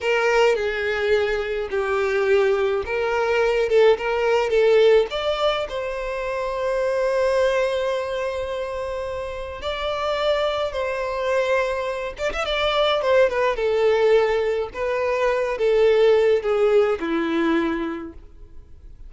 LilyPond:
\new Staff \with { instrumentName = "violin" } { \time 4/4 \tempo 4 = 106 ais'4 gis'2 g'4~ | g'4 ais'4. a'8 ais'4 | a'4 d''4 c''2~ | c''1~ |
c''4 d''2 c''4~ | c''4. d''16 e''16 d''4 c''8 b'8 | a'2 b'4. a'8~ | a'4 gis'4 e'2 | }